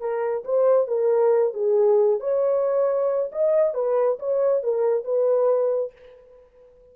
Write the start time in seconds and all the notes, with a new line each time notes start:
0.00 A#4
0.45 C5
0.87 A#4
1.54 G#4
2.20 C#5
3.32 D#5
3.74 B4
4.19 C#5
4.63 A#4
5.04 B4